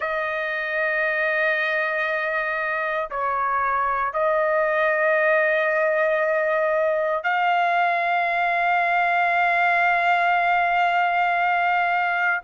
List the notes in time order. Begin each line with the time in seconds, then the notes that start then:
0.00 D#5
3.10 C#5
4.13 D#5
7.23 F5